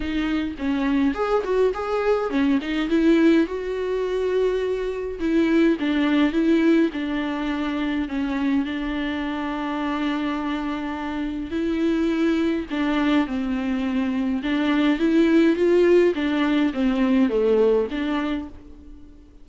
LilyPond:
\new Staff \with { instrumentName = "viola" } { \time 4/4 \tempo 4 = 104 dis'4 cis'4 gis'8 fis'8 gis'4 | cis'8 dis'8 e'4 fis'2~ | fis'4 e'4 d'4 e'4 | d'2 cis'4 d'4~ |
d'1 | e'2 d'4 c'4~ | c'4 d'4 e'4 f'4 | d'4 c'4 a4 d'4 | }